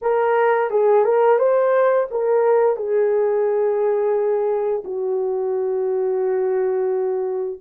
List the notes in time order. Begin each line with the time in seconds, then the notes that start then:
0.01 A#4
0.70 G#4
1.04 A#4
1.38 C5
2.10 A#4
2.76 G#4
4.84 F#4